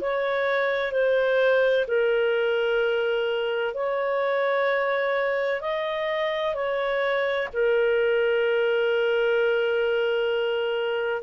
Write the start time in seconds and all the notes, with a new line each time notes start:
0.00 C#5
0.91 C5
1.87 A#4
3.74 C#5
5.60 D#5
6.54 C#5
7.53 A#4